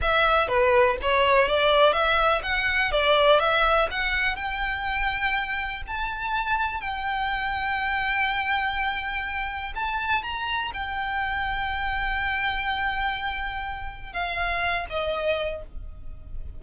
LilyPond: \new Staff \with { instrumentName = "violin" } { \time 4/4 \tempo 4 = 123 e''4 b'4 cis''4 d''4 | e''4 fis''4 d''4 e''4 | fis''4 g''2. | a''2 g''2~ |
g''1 | a''4 ais''4 g''2~ | g''1~ | g''4 f''4. dis''4. | }